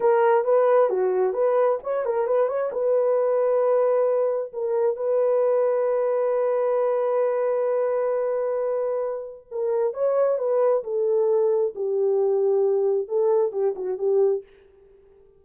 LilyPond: \new Staff \with { instrumentName = "horn" } { \time 4/4 \tempo 4 = 133 ais'4 b'4 fis'4 b'4 | cis''8 ais'8 b'8 cis''8 b'2~ | b'2 ais'4 b'4~ | b'1~ |
b'1~ | b'4 ais'4 cis''4 b'4 | a'2 g'2~ | g'4 a'4 g'8 fis'8 g'4 | }